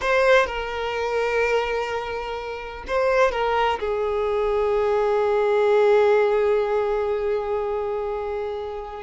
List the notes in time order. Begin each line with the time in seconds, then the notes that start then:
0.01 C5
0.46 A#4
2.87 C5
3.31 A#4
3.79 G#4